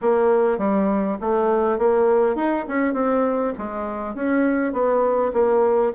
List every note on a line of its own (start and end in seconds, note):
0.01 0.58 A#3
0.58 1.17 G3
1.20 1.78 A3
1.78 2.35 A#3
2.35 2.65 D#4
2.67 2.93 C#4
2.93 3.53 C4
3.58 4.14 G#3
4.14 4.72 C#4
4.72 5.32 B3
5.33 5.92 A#3